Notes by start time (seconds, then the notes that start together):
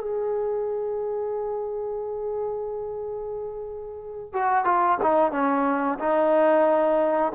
0.00 G#4
4.33 F#4
4.65 F4
5.02 D#4
5.32 C#4
5.99 D#4